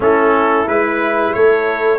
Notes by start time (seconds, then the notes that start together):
0.00 A3 C#4 E4 A4
0.66 G#3 E4 B4
1.33 A3 A4 C#5